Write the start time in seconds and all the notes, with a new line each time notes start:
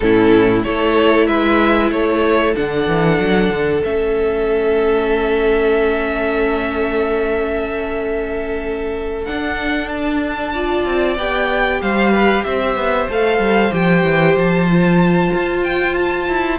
0.00 A2 C#4 E4 A4
0.63 A3 E4 A4 C#5
1.26 G#3 B4 E5
1.91 A3 A4 C#5
2.55 D3 D4 F#5
2.87 E3
3.19 F#3
3.49 D3
3.83 A3 C#4 E5
9.24 D4 F#5
9.88 A5
10.52 F4 D5
10.85 C4
11.17 B3 G4 G5
11.81 G3 C5 F5
12.12 B4
12.44 C4 C5 E5
12.75 B3
13.09 A3 A4 F5
13.39 G3
13.71 F3 G4 G5
14.03 E3
14.36 F3 A5
14.70 F4
15.33 F4
15.63 G5
15.95 A5
16.29 E4